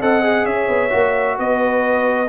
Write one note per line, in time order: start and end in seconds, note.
0.00 0.45 C4
0.00 0.24 A4
0.00 0.45 D#5
0.00 0.46 F#5
0.24 0.90 G#4
0.45 0.68 C#4
0.45 1.37 C#5
0.45 1.37 E5
0.69 0.92 B3
0.90 1.39 A#3
0.90 2.27 F#4
1.39 2.29 B3
1.39 2.29 B4
1.39 2.29 D#5